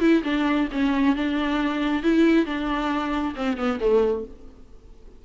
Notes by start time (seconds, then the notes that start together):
0.00 E4
0.24 D4
0.72 C#4
1.16 D4
2.02 E4
2.45 D4
3.35 C4
3.57 B3
3.80 A3